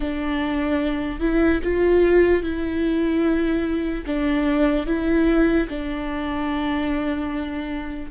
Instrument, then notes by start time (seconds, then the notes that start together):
viola
0.00 D4
1.19 E4
1.63 F4
2.42 E4
4.05 D4
4.86 E4
5.68 D4